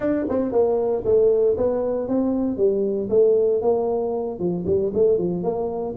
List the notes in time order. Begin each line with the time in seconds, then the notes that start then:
0.00 D4
0.29 C4
0.51 A#3
1.04 A3
1.57 B3
2.08 C4
2.57 G3
3.09 A3
3.61 A#3
4.39 F3
4.66 G3
4.94 A3
5.17 F3
5.43 A#3